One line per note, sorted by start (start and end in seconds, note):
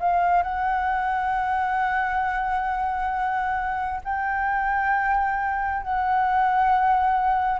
0.00 0.42 F5
0.42 4.01 F#5
4.04 5.83 G5
5.83 7.60 F#5